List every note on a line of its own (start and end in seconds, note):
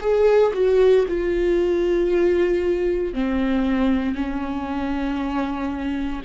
0.00 0.52 G#4
0.54 1.05 F#4
1.08 3.14 F4
3.14 4.15 C4
4.15 6.22 C#4